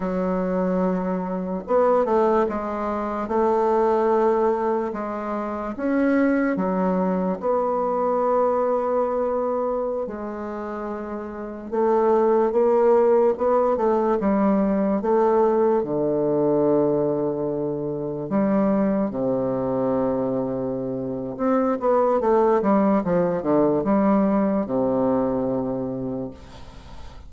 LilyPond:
\new Staff \with { instrumentName = "bassoon" } { \time 4/4 \tempo 4 = 73 fis2 b8 a8 gis4 | a2 gis4 cis'4 | fis4 b2.~ | b16 gis2 a4 ais8.~ |
ais16 b8 a8 g4 a4 d8.~ | d2~ d16 g4 c8.~ | c2 c'8 b8 a8 g8 | f8 d8 g4 c2 | }